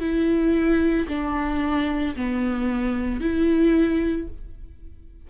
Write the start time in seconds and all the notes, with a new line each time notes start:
0.00 E4
1.08 D4
2.15 B3
3.20 E4